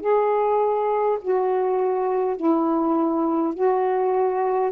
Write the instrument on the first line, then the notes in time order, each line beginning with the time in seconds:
saxophone
0.00 G#4
1.21 F#4
2.36 E4
3.54 F#4